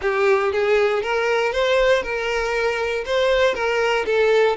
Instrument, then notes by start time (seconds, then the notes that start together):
violin
0.01 G4
0.52 G#4
1.02 A#4
1.52 C5
2.02 A#4
3.05 C5
3.54 A#4
4.05 A4